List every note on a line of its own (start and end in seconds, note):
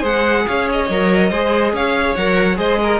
0.00 0.46 G#3
0.00 0.87 G#4
0.00 0.43 C5
0.00 0.47 F#5
0.47 0.89 C#4
0.47 1.30 C#5
0.47 0.69 F5
0.72 1.76 D#5
0.89 1.31 F#3
0.89 1.32 A#4
1.30 1.73 G#3
1.30 2.17 G#4
1.30 1.72 C5
1.73 2.16 C#4
1.73 2.58 C#5
1.73 2.15 F5
2.15 2.57 F#3
2.15 2.55 A#4
2.15 2.58 F#5
2.55 3.00 G#3
2.55 2.98 G#4
2.55 2.80 C5
2.55 3.00 D#5
2.83 3.00 A#4